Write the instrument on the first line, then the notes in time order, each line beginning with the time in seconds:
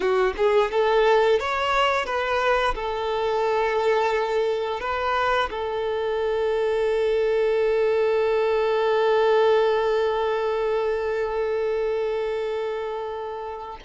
violin
0.00 F#4
0.36 G#4
0.71 A4
1.39 C#5
2.05 B4
2.74 A4
4.80 B4
5.50 A4